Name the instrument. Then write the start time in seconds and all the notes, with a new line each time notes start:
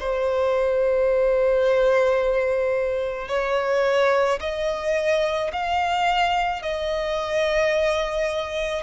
violin
0.00 C5
3.28 C#5
4.40 D#5
5.53 F5
6.62 D#5